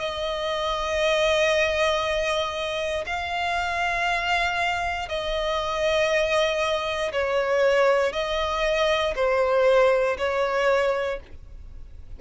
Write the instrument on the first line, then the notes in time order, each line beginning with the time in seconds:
violin
0.00 D#5
3.06 F5
5.09 D#5
7.13 C#5
8.13 D#5
9.16 C5
10.18 C#5